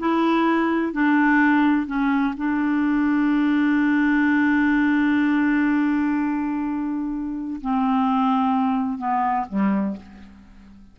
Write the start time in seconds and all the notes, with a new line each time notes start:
0.00 E4
0.93 D4
1.87 C#4
2.37 D4
7.62 C4
8.99 B3
9.50 G3